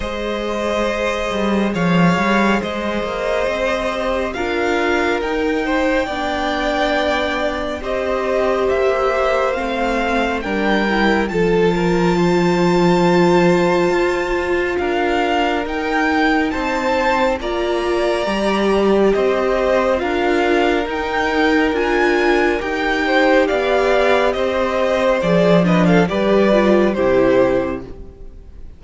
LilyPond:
<<
  \new Staff \with { instrumentName = "violin" } { \time 4/4 \tempo 4 = 69 dis''2 f''4 dis''4~ | dis''4 f''4 g''2~ | g''4 dis''4 e''4 f''4 | g''4 a''2.~ |
a''4 f''4 g''4 a''4 | ais''2 dis''4 f''4 | g''4 gis''4 g''4 f''4 | dis''4 d''8 dis''16 f''16 d''4 c''4 | }
  \new Staff \with { instrumentName = "violin" } { \time 4/4 c''2 cis''4 c''4~ | c''4 ais'4. c''8 d''4~ | d''4 c''2. | ais'4 a'8 ais'8 c''2~ |
c''4 ais'2 c''4 | d''2 c''4 ais'4~ | ais'2~ ais'8 c''8 d''4 | c''4. b'16 a'16 b'4 g'4 | }
  \new Staff \with { instrumentName = "viola" } { \time 4/4 gis'1~ | gis'8 g'8 f'4 dis'4 d'4~ | d'4 g'2 c'4 | d'8 e'8 f'2.~ |
f'2 dis'2 | f'4 g'2 f'4 | dis'4 f'4 g'2~ | g'4 gis'8 d'8 g'8 f'8 e'4 | }
  \new Staff \with { instrumentName = "cello" } { \time 4/4 gis4. g8 f8 g8 gis8 ais8 | c'4 d'4 dis'4 b4~ | b4 c'4 ais4 a4 | g4 f2. |
f'4 d'4 dis'4 c'4 | ais4 g4 c'4 d'4 | dis'4 d'4 dis'4 b4 | c'4 f4 g4 c4 | }
>>